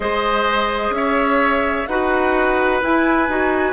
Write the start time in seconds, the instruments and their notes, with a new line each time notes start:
0.00 bassoon G#3, clarinet G#4, oboe C5, flute D#5
0.90 bassoon C#4, flute E5
0.96 oboe C#5
1.86 bassoon D#4, clarinet F#4, oboe B4, flute F#5
2.81 clarinet E4, bassoon E4, flute G#5
3.28 bassoon D#4, clarinet F#4